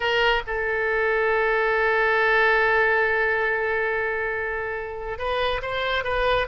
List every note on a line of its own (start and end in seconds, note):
0.00 0.42 A#4
0.47 5.18 A4
5.18 5.61 B4
5.62 6.04 C5
6.04 6.47 B4